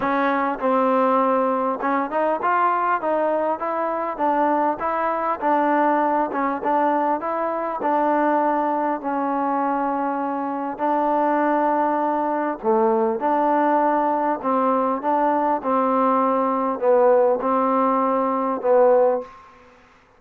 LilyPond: \new Staff \with { instrumentName = "trombone" } { \time 4/4 \tempo 4 = 100 cis'4 c'2 cis'8 dis'8 | f'4 dis'4 e'4 d'4 | e'4 d'4. cis'8 d'4 | e'4 d'2 cis'4~ |
cis'2 d'2~ | d'4 a4 d'2 | c'4 d'4 c'2 | b4 c'2 b4 | }